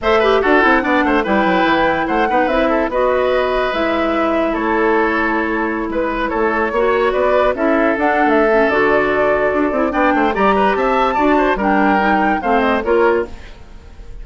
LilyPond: <<
  \new Staff \with { instrumentName = "flute" } { \time 4/4 \tempo 4 = 145 e''4 fis''2 g''4~ | g''4 fis''4 e''4 dis''4~ | dis''4 e''2 cis''4~ | cis''2~ cis''16 b'4 cis''8.~ |
cis''4~ cis''16 d''4 e''4 fis''8. | e''4 d''2. | g''4 ais''4 a''2 | g''2 f''8 dis''8 cis''4 | }
  \new Staff \with { instrumentName = "oboe" } { \time 4/4 c''8 b'8 a'4 d''8 c''8 b'4~ | b'4 c''8 b'4 a'8 b'4~ | b'2. a'4~ | a'2~ a'16 b'4 a'8.~ |
a'16 cis''4 b'4 a'4.~ a'16~ | a'1 | d''8 c''8 d''8 b'8 e''4 d''8 c''8 | ais'2 c''4 ais'4 | }
  \new Staff \with { instrumentName = "clarinet" } { \time 4/4 a'8 g'8 fis'8 e'8 d'4 e'4~ | e'4. dis'8 e'4 fis'4~ | fis'4 e'2.~ | e'1~ |
e'16 fis'2 e'4 d'8.~ | d'8 cis'8 fis'2~ fis'8 e'8 | d'4 g'2 fis'4 | d'4 dis'4 c'4 f'4 | }
  \new Staff \with { instrumentName = "bassoon" } { \time 4/4 a4 d'8 c'8 b8 a8 g8 fis8 | e4 a8 b8 c'4 b4~ | b4 gis2 a4~ | a2~ a16 gis4 a8.~ |
a16 ais4 b4 cis'4 d'8. | a4 d2 d'8 c'8 | b8 a8 g4 c'4 d'4 | g2 a4 ais4 | }
>>